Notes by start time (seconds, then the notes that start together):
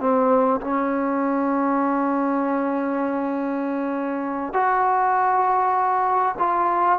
0.00 C4
0.61 C#4
4.54 F#4
6.39 F4